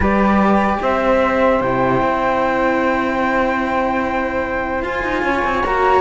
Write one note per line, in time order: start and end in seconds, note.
0.00 0.78 G3
0.00 1.62 G4
0.00 0.79 B4
0.00 0.82 D5
0.82 1.61 C4
0.82 5.23 C5
0.82 1.61 E5
1.61 2.01 C3
1.61 4.82 E4
1.61 4.83 G5
2.01 4.83 C4
4.82 5.62 F4
4.82 5.02 F4
4.82 5.65 G#5
5.02 5.22 D#4
5.22 5.42 C#4
5.22 6.01 C#5
5.44 5.64 C4
5.64 6.01 A#3
5.64 6.01 F#4
5.64 6.01 A#5